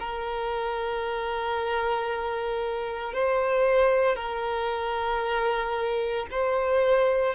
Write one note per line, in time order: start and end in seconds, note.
0.00 3.13 A#4
3.13 4.16 C5
4.16 6.26 A#4
6.31 7.35 C5